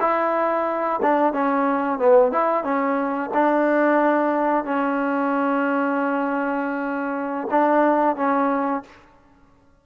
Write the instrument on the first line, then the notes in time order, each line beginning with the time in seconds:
trombone
0.00 E4
1.02 D4
1.33 C#4
1.98 B3
2.32 E4
2.63 C#4
3.34 D4
4.64 C#4
7.50 D4
8.16 C#4